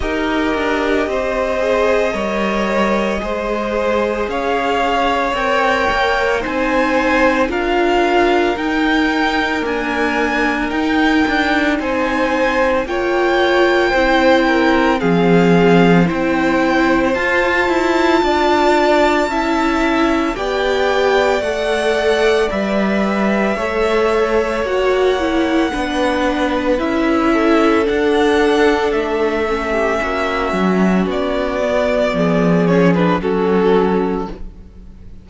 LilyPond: <<
  \new Staff \with { instrumentName = "violin" } { \time 4/4 \tempo 4 = 56 dis''1 | f''4 g''4 gis''4 f''4 | g''4 gis''4 g''4 gis''4 | g''2 f''4 g''4 |
a''2. g''4 | fis''4 e''2 fis''4~ | fis''4 e''4 fis''4 e''4~ | e''4 d''4. cis''16 b'16 a'4 | }
  \new Staff \with { instrumentName = "violin" } { \time 4/4 ais'4 c''4 cis''4 c''4 | cis''2 c''4 ais'4~ | ais'2. c''4 | cis''4 c''8 ais'8 gis'4 c''4~ |
c''4 d''4 e''4 d''4~ | d''2 cis''2 | b'4. a'2~ a'16 g'16 | fis'2 gis'4 fis'4 | }
  \new Staff \with { instrumentName = "viola" } { \time 4/4 g'4. gis'8 ais'4 gis'4~ | gis'4 ais'4 dis'4 f'4 | dis'4 ais4 dis'2 | f'4 e'4 c'4 e'4 |
f'2 e'4 g'4 | a'4 b'4 a'4 fis'8 e'8 | d'4 e'4 d'4. cis'8~ | cis'4. b4 cis'16 d'16 cis'4 | }
  \new Staff \with { instrumentName = "cello" } { \time 4/4 dis'8 d'8 c'4 g4 gis4 | cis'4 c'8 ais8 c'4 d'4 | dis'4 d'4 dis'8 d'8 c'4 | ais4 c'4 f4 c'4 |
f'8 e'8 d'4 cis'4 b4 | a4 g4 a4 ais4 | b4 cis'4 d'4 a4 | ais8 fis8 b4 f4 fis4 | }
>>